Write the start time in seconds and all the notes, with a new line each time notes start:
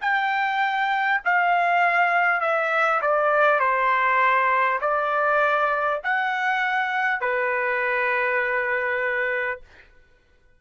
0.00 G5
1.24 F5
2.41 E5
3.01 D5
3.59 C5
4.81 D5
6.03 F#5
7.21 B4